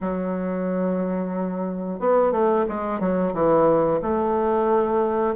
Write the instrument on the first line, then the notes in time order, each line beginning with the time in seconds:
bassoon
0.00 F#3
1.99 B3
2.32 A3
2.68 G#3
2.99 F#3
3.33 E3
4.02 A3